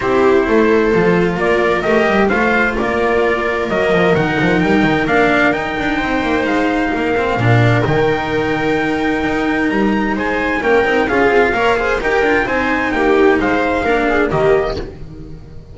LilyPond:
<<
  \new Staff \with { instrumentName = "trumpet" } { \time 4/4 \tempo 4 = 130 c''2. d''4 | dis''4 f''4 d''2 | dis''4 fis''4 g''4 f''4 | g''2 f''2~ |
f''4 g''2.~ | g''4 ais''4 gis''4 g''4 | f''2 g''4 gis''4 | g''4 f''2 dis''4 | }
  \new Staff \with { instrumentName = "viola" } { \time 4/4 g'4 a'2 ais'4~ | ais'4 c''4 ais'2~ | ais'1~ | ais'4 c''2 ais'4~ |
ais'1~ | ais'2 c''4 ais'4 | gis'4 cis''8 c''8 ais'4 c''4 | g'4 c''4 ais'8 gis'8 g'4 | }
  \new Staff \with { instrumentName = "cello" } { \time 4/4 e'2 f'2 | g'4 f'2. | ais4 dis'2 d'4 | dis'2.~ dis'8 c'8 |
d'4 dis'2.~ | dis'2. cis'8 dis'8 | f'4 ais'8 gis'8 g'8 f'8 dis'4~ | dis'2 d'4 ais4 | }
  \new Staff \with { instrumentName = "double bass" } { \time 4/4 c'4 a4 f4 ais4 | a8 g8 a4 ais2 | fis8 f8 dis8 f8 g8 dis8 ais4 | dis'8 d'8 c'8 ais8 gis4 ais4 |
ais,4 dis2. | dis'4 g4 gis4 ais8 c'8 | cis'8 c'8 ais4 dis'8 d'8 c'4 | ais4 gis4 ais4 dis4 | }
>>